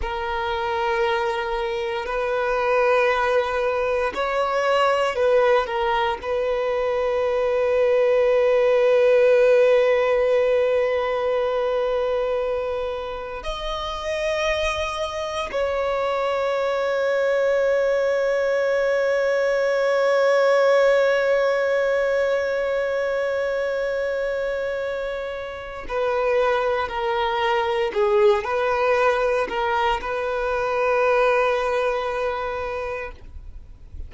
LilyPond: \new Staff \with { instrumentName = "violin" } { \time 4/4 \tempo 4 = 58 ais'2 b'2 | cis''4 b'8 ais'8 b'2~ | b'1~ | b'4 dis''2 cis''4~ |
cis''1~ | cis''1~ | cis''4 b'4 ais'4 gis'8 b'8~ | b'8 ais'8 b'2. | }